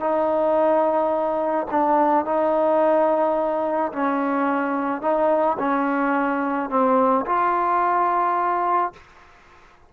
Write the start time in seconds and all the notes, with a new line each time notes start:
0.00 D#4
1.71 D4
2.25 D#4
3.92 C#4
5.02 D#4
5.59 C#4
6.70 C4
7.26 F4